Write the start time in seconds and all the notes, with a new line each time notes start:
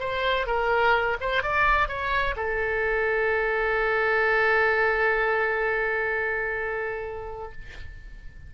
0.00 C5
0.47 A#4
1.21 C5
1.43 D5
1.88 C#5
2.36 A4